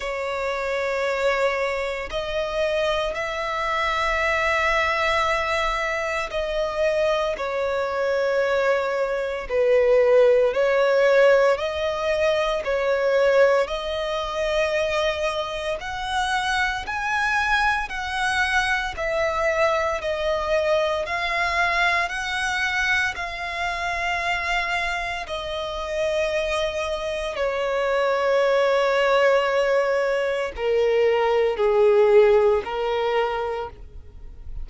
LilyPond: \new Staff \with { instrumentName = "violin" } { \time 4/4 \tempo 4 = 57 cis''2 dis''4 e''4~ | e''2 dis''4 cis''4~ | cis''4 b'4 cis''4 dis''4 | cis''4 dis''2 fis''4 |
gis''4 fis''4 e''4 dis''4 | f''4 fis''4 f''2 | dis''2 cis''2~ | cis''4 ais'4 gis'4 ais'4 | }